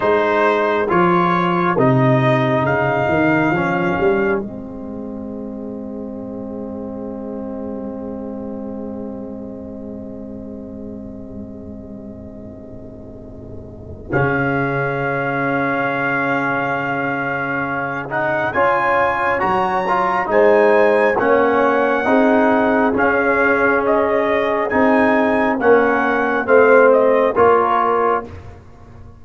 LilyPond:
<<
  \new Staff \with { instrumentName = "trumpet" } { \time 4/4 \tempo 4 = 68 c''4 cis''4 dis''4 f''4~ | f''4 dis''2.~ | dis''1~ | dis''1 |
f''1~ | f''8 fis''8 gis''4 ais''4 gis''4 | fis''2 f''4 dis''4 | gis''4 fis''4 f''8 dis''8 cis''4 | }
  \new Staff \with { instrumentName = "horn" } { \time 4/4 gis'1~ | gis'1~ | gis'1~ | gis'1~ |
gis'1~ | gis'4 cis''2 c''4 | cis''4 gis'2.~ | gis'4 ais'4 c''4 ais'4 | }
  \new Staff \with { instrumentName = "trombone" } { \time 4/4 dis'4 f'4 dis'2 | cis'4 c'2.~ | c'1~ | c'1 |
cis'1~ | cis'8 dis'8 f'4 fis'8 f'8 dis'4 | cis'4 dis'4 cis'2 | dis'4 cis'4 c'4 f'4 | }
  \new Staff \with { instrumentName = "tuba" } { \time 4/4 gis4 f4 c4 cis8 dis8 | f8 g8 gis2.~ | gis1~ | gis1 |
cis1~ | cis4 cis'4 fis4 gis4 | ais4 c'4 cis'2 | c'4 ais4 a4 ais4 | }
>>